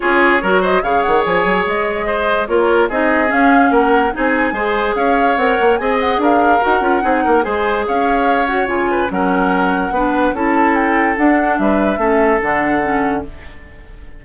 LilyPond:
<<
  \new Staff \with { instrumentName = "flute" } { \time 4/4 \tempo 4 = 145 cis''4. dis''8 f''8 fis''8 gis''4 | dis''2 cis''4 dis''4 | f''4 fis''4 gis''2 | f''4 fis''4 gis''8 fis''8 f''4 |
fis''2 gis''4 f''4~ | f''8 fis''8 gis''4 fis''2~ | fis''4 a''4 g''4 fis''4 | e''2 fis''2 | }
  \new Staff \with { instrumentName = "oboe" } { \time 4/4 gis'4 ais'8 c''8 cis''2~ | cis''4 c''4 ais'4 gis'4~ | gis'4 ais'4 gis'4 c''4 | cis''2 dis''4 ais'4~ |
ais'4 gis'8 ais'8 c''4 cis''4~ | cis''4. b'8 ais'2 | b'4 a'2. | b'4 a'2. | }
  \new Staff \with { instrumentName = "clarinet" } { \time 4/4 f'4 fis'4 gis'2~ | gis'2 f'4 dis'4 | cis'2 dis'4 gis'4~ | gis'4 ais'4 gis'2 |
fis'8 f'8 dis'4 gis'2~ | gis'8 fis'8 f'4 cis'2 | d'4 e'2 d'4~ | d'4 cis'4 d'4 cis'4 | }
  \new Staff \with { instrumentName = "bassoon" } { \time 4/4 cis'4 fis4 cis8 dis8 f8 fis8 | gis2 ais4 c'4 | cis'4 ais4 c'4 gis4 | cis'4 c'8 ais8 c'4 d'4 |
dis'8 cis'8 c'8 ais8 gis4 cis'4~ | cis'4 cis4 fis2 | b4 cis'2 d'4 | g4 a4 d2 | }
>>